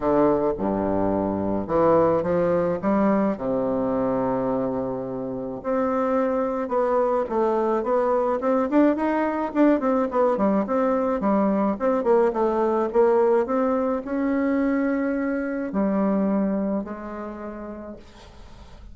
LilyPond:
\new Staff \with { instrumentName = "bassoon" } { \time 4/4 \tempo 4 = 107 d4 g,2 e4 | f4 g4 c2~ | c2 c'2 | b4 a4 b4 c'8 d'8 |
dis'4 d'8 c'8 b8 g8 c'4 | g4 c'8 ais8 a4 ais4 | c'4 cis'2. | g2 gis2 | }